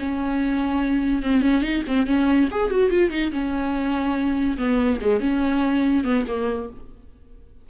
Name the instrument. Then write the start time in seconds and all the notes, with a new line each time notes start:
viola
0.00 C#4
1.23 C4
1.42 C#4
1.62 D#4
1.88 C4
2.07 C#4
2.51 G#4
2.70 F#4
2.91 F4
3.11 D#4
3.32 C#4
4.58 B3
5.02 G#3
5.21 C#4
6.05 B3
6.28 A#3